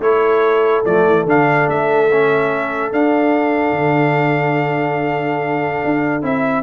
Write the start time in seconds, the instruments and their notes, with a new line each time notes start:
0.00 tuba A3, trombone E4, horn A4, trumpet C#5
0.85 tuba F3, trombone A3, trumpet D5
1.06 tuba E3
1.26 tuba D3, trombone D4, trumpet F5
1.68 tuba A3, trumpet E5
2.12 trombone C#4
2.92 trombone D4, tuba D4, trumpet F5
3.72 tuba D3
5.85 tuba D4
6.22 tuba C4, trombone E4, trumpet E5